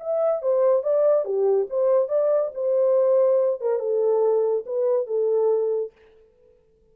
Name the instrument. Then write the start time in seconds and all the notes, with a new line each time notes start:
horn
0.00 E5
0.42 C5
0.83 D5
1.25 G4
1.70 C5
2.09 D5
2.55 C5
3.61 A#4
3.80 A4
4.66 B4
5.07 A4